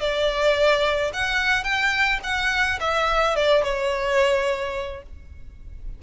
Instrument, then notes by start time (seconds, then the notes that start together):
violin
0.00 D5
1.13 F#5
1.64 G5
2.23 F#5
2.80 E5
3.36 D5
3.63 C#5